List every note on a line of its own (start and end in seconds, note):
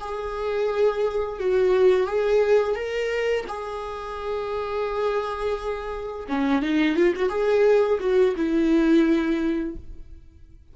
0.00 1.39 G#4
1.39 2.07 F#4
2.07 2.75 G#4
2.75 3.45 A#4
3.48 6.27 G#4
6.28 6.62 C#4
6.62 6.96 D#4
6.96 7.13 F4
7.15 7.29 F#4
7.29 7.99 G#4
8.00 8.35 F#4
8.36 9.76 E4